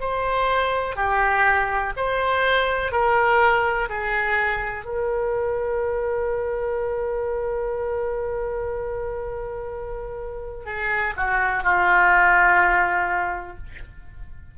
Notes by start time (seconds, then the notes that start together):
0.00 C5
0.95 G4
1.97 C5
2.92 A#4
3.89 G#4
4.85 A#4
10.65 G#4
11.16 F#4
11.63 F4